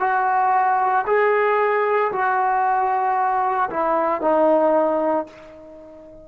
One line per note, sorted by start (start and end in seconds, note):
0.00 1.05 F#4
1.06 2.11 G#4
2.12 3.70 F#4
3.70 4.21 E4
4.21 5.26 D#4